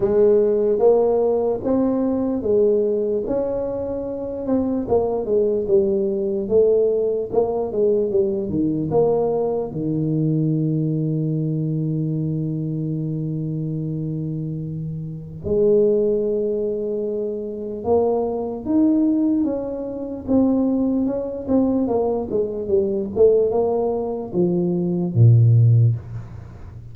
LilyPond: \new Staff \with { instrumentName = "tuba" } { \time 4/4 \tempo 4 = 74 gis4 ais4 c'4 gis4 | cis'4. c'8 ais8 gis8 g4 | a4 ais8 gis8 g8 dis8 ais4 | dis1~ |
dis2. gis4~ | gis2 ais4 dis'4 | cis'4 c'4 cis'8 c'8 ais8 gis8 | g8 a8 ais4 f4 ais,4 | }